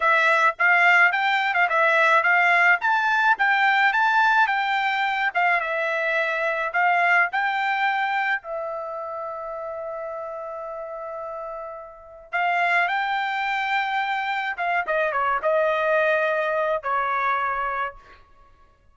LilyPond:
\new Staff \with { instrumentName = "trumpet" } { \time 4/4 \tempo 4 = 107 e''4 f''4 g''8. f''16 e''4 | f''4 a''4 g''4 a''4 | g''4. f''8 e''2 | f''4 g''2 e''4~ |
e''1~ | e''2 f''4 g''4~ | g''2 f''8 dis''8 cis''8 dis''8~ | dis''2 cis''2 | }